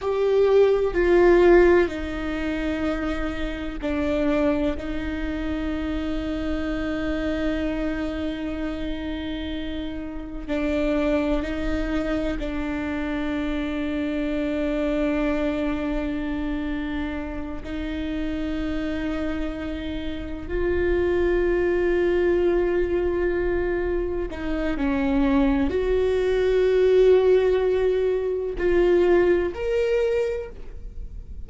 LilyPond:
\new Staff \with { instrumentName = "viola" } { \time 4/4 \tempo 4 = 63 g'4 f'4 dis'2 | d'4 dis'2.~ | dis'2. d'4 | dis'4 d'2.~ |
d'2~ d'8 dis'4.~ | dis'4. f'2~ f'8~ | f'4. dis'8 cis'4 fis'4~ | fis'2 f'4 ais'4 | }